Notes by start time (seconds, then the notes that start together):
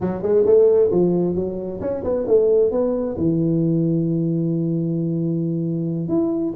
0.00 F#3
0.22 G#3
0.45 A3
0.90 F3
1.35 F#3
1.80 C#4
2.04 B3
2.27 A3
2.71 B3
3.16 E3
6.08 E4